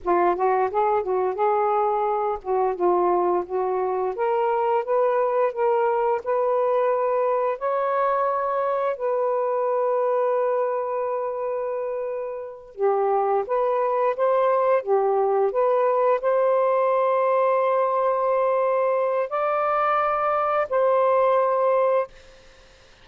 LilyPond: \new Staff \with { instrumentName = "saxophone" } { \time 4/4 \tempo 4 = 87 f'8 fis'8 gis'8 fis'8 gis'4. fis'8 | f'4 fis'4 ais'4 b'4 | ais'4 b'2 cis''4~ | cis''4 b'2.~ |
b'2~ b'8 g'4 b'8~ | b'8 c''4 g'4 b'4 c''8~ | c''1 | d''2 c''2 | }